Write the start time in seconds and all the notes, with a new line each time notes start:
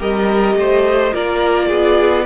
0.00 G3 G4 A#4 D#5
0.56 A3 C5
1.13 A#3 F4 A#4 D5
1.69 B3 G#4